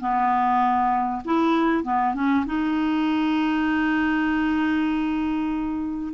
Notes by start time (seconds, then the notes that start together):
0.00 B3
1.25 E4
1.84 B3
2.15 C#4
2.46 D#4